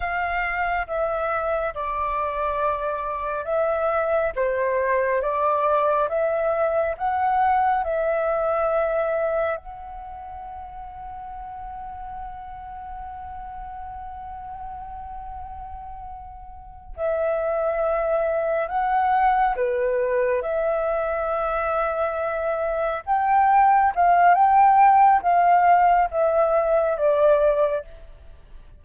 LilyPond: \new Staff \with { instrumentName = "flute" } { \time 4/4 \tempo 4 = 69 f''4 e''4 d''2 | e''4 c''4 d''4 e''4 | fis''4 e''2 fis''4~ | fis''1~ |
fis''2.~ fis''8 e''8~ | e''4. fis''4 b'4 e''8~ | e''2~ e''8 g''4 f''8 | g''4 f''4 e''4 d''4 | }